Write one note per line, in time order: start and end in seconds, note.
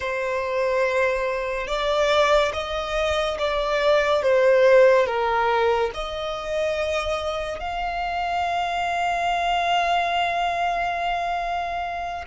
0.00 1.67 C5
1.67 2.51 D5
2.53 3.37 D#5
3.38 4.22 D5
4.22 5.06 C5
5.06 5.90 A#4
5.93 7.59 D#5
7.59 12.24 F5